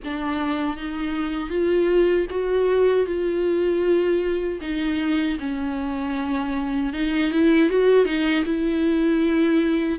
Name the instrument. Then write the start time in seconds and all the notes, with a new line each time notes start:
viola
0.04 D4
0.77 D#4
1.49 F4
2.29 F#4
3.06 F4
4.61 D#4
5.39 C#4
6.93 D#4
7.31 E4
7.69 F#4
8.05 D#4
8.45 E4